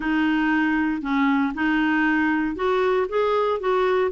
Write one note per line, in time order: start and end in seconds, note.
0.00 1.01 D#4
1.01 1.53 C#4
1.54 2.55 D#4
2.55 3.06 F#4
3.08 3.60 G#4
3.60 4.11 F#4